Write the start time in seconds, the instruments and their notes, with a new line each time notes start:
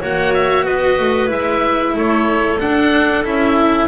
0.00 double bass A#3, cello F#4, clarinet C#5, oboe F#5
0.34 oboe E5
0.64 double bass B3, clarinet B4, oboe D#5
0.99 double bass A3
1.27 double bass G#3, cello E4, oboe E5
1.96 double bass A3, clarinet A4, oboe C#5
2.60 cello D4, double bass D4, oboe F#5
3.24 double bass C#4, cello E4, oboe E5